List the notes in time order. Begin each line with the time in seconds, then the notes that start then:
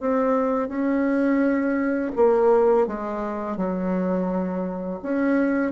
0.00 C4
0.68 C#4
2.16 A#3
2.87 G#3
3.56 F#3
5.03 C#4